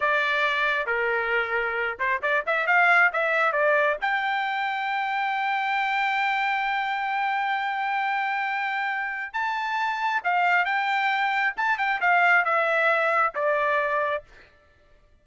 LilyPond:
\new Staff \with { instrumentName = "trumpet" } { \time 4/4 \tempo 4 = 135 d''2 ais'2~ | ais'8 c''8 d''8 e''8 f''4 e''4 | d''4 g''2.~ | g''1~ |
g''1~ | g''4 a''2 f''4 | g''2 a''8 g''8 f''4 | e''2 d''2 | }